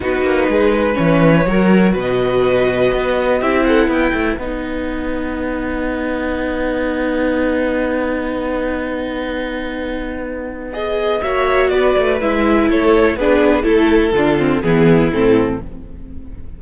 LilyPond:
<<
  \new Staff \with { instrumentName = "violin" } { \time 4/4 \tempo 4 = 123 b'2 cis''2 | dis''2. e''8 fis''8 | g''4 fis''2.~ | fis''1~ |
fis''1~ | fis''2 dis''4 e''4 | d''4 e''4 cis''4 b'4 | a'2 gis'4 a'4 | }
  \new Staff \with { instrumentName = "violin" } { \time 4/4 fis'4 gis'8 b'4. ais'4 | b'2. g'8 a'8 | b'1~ | b'1~ |
b'1~ | b'2. cis''4 | b'2 a'4 gis'4 | a'4 f'4 e'2 | }
  \new Staff \with { instrumentName = "viola" } { \time 4/4 dis'2 cis'4 fis'4~ | fis'2. e'4~ | e'4 dis'2.~ | dis'1~ |
dis'1~ | dis'2 gis'4 fis'4~ | fis'4 e'2 d'4 | e'4 d'8 c'8 b4 c'4 | }
  \new Staff \with { instrumentName = "cello" } { \time 4/4 b8 ais8 gis4 e4 fis4 | b,2 b4 c'4 | b8 a8 b2.~ | b1~ |
b1~ | b2. ais4 | b8 a8 gis4 a4 b4 | a4 d4 e4 a,4 | }
>>